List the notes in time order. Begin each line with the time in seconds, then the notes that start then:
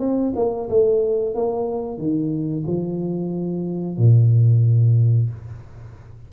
0.00 C4
0.36 A#3
0.70 A3
1.35 A#3
1.98 D#3
2.67 F3
3.98 A#2